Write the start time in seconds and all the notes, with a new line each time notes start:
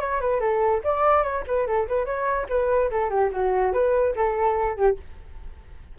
0.00 C#5
0.21 B4
0.40 A4
0.84 D5
1.23 C#5
1.47 B4
1.67 A4
1.88 B4
2.05 C#5
2.49 B4
2.91 A4
3.10 G4
3.32 F#4
3.73 B4
4.16 A4
4.76 G4